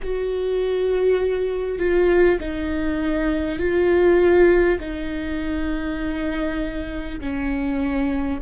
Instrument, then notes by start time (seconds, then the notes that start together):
viola
0.02 F#4
1.78 F4
2.40 D#4
3.58 F4
4.79 D#4
7.20 C#4